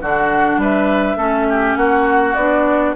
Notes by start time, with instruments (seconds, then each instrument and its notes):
0.00 bassoon D3, clarinet D4, oboe F#4, flute F#5
0.57 bassoon G3, oboe B4, flute E5
1.16 bassoon A3, clarinet C#4, oboe A4
1.49 oboe G4
1.76 bassoon A#3, oboe F#4, flute F#5
2.34 bassoon B3, clarinet D4, flute D5